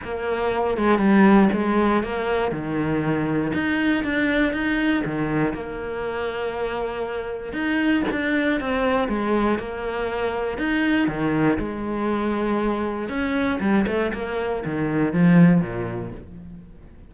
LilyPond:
\new Staff \with { instrumentName = "cello" } { \time 4/4 \tempo 4 = 119 ais4. gis8 g4 gis4 | ais4 dis2 dis'4 | d'4 dis'4 dis4 ais4~ | ais2. dis'4 |
d'4 c'4 gis4 ais4~ | ais4 dis'4 dis4 gis4~ | gis2 cis'4 g8 a8 | ais4 dis4 f4 ais,4 | }